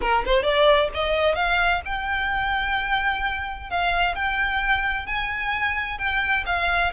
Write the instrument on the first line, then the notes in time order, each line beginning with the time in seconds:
violin
0.01 A#4
0.25 C5
0.42 D5
0.94 D#5
1.35 F5
1.85 G5
3.69 F5
4.15 G5
5.06 G#5
5.98 G5
6.46 F5